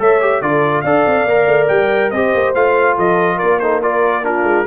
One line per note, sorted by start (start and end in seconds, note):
0.00 0.42 A3
0.00 0.21 A4
0.00 0.42 C#5
0.00 0.42 E5
0.21 0.43 G4
0.42 0.84 D3
0.42 0.85 F4
0.42 0.84 A4
0.42 0.82 D5
0.82 1.05 D4
0.82 1.29 A4
0.82 2.12 D5
0.82 1.67 F5
1.07 1.25 C4
1.25 1.46 A#3
1.25 2.14 A#4
1.47 1.68 A3
1.68 2.12 G3
1.68 2.11 G5
2.11 2.33 C4
2.11 2.56 G4
2.11 2.97 C5
2.11 2.54 D#5
2.35 2.55 A#3
2.55 2.98 A3
2.55 3.62 F4
2.55 2.98 F5
2.97 3.41 F3
2.97 3.37 A4
2.97 3.39 D#5
3.37 4.44 A#3
3.37 3.59 A#4
3.37 3.60 D5
3.60 3.83 D#4
3.60 3.82 A4
3.60 3.81 C5
3.82 4.23 F4
3.82 4.25 A#4
3.82 4.26 D5
4.23 4.66 D4
4.23 4.67 F4
4.23 4.67 A#4
4.44 4.65 G#3